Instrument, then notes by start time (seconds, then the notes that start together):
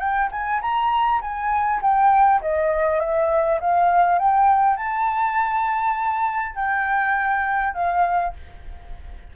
flute
0.00 G5
0.32 G#5
0.62 A#5
1.22 G#5
1.82 G5
2.42 D#5
3.00 E5
3.61 F5
4.19 G5
4.77 A5
6.56 G5
7.74 F5